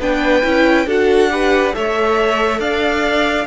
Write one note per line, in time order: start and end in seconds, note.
0.00 0.43 B3
0.00 0.43 D4
0.00 0.87 B4
0.00 0.89 G5
0.43 0.87 C#4
0.43 0.87 E4
0.87 1.74 D4
0.87 1.30 F#4
0.87 1.31 A4
0.87 1.75 F#5
1.30 1.72 G4
1.30 1.76 B4
1.72 2.60 A3
1.72 3.46 A4
1.72 2.60 C#5
1.72 2.61 E5
2.60 3.47 D4
2.60 3.47 D5
2.60 3.47 F5